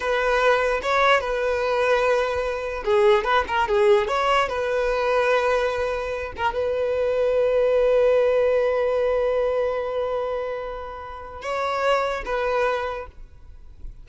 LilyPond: \new Staff \with { instrumentName = "violin" } { \time 4/4 \tempo 4 = 147 b'2 cis''4 b'4~ | b'2. gis'4 | b'8 ais'8 gis'4 cis''4 b'4~ | b'2.~ b'8 ais'8 |
b'1~ | b'1~ | b'1 | cis''2 b'2 | }